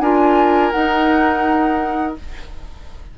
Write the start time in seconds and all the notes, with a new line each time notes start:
0.00 D4 F4 A#4 G#5
0.72 D#4 F#5